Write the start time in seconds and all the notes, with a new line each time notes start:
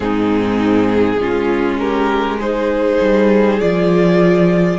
0.00 G#2 C4 D#4 G#4
1.18 G#3 C#4 F4
1.79 G4 A#4
2.39 D#4 G#4 C5
3.01 G3
3.60 F3 F4 D5